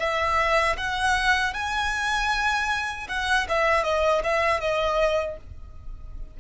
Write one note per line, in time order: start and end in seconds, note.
0.00 0.77 E5
0.78 1.54 F#5
1.54 3.08 G#5
3.09 3.47 F#5
3.49 3.84 E5
3.84 4.23 D#5
4.24 4.61 E5
4.61 5.38 D#5